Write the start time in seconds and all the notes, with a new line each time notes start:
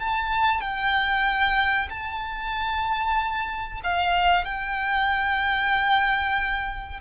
0.00 A5
0.61 G5
1.90 A5
3.84 F5
4.45 G5